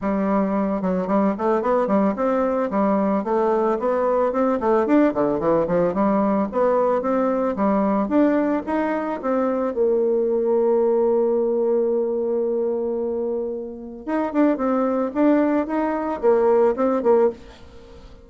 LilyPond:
\new Staff \with { instrumentName = "bassoon" } { \time 4/4 \tempo 4 = 111 g4. fis8 g8 a8 b8 g8 | c'4 g4 a4 b4 | c'8 a8 d'8 d8 e8 f8 g4 | b4 c'4 g4 d'4 |
dis'4 c'4 ais2~ | ais1~ | ais2 dis'8 d'8 c'4 | d'4 dis'4 ais4 c'8 ais8 | }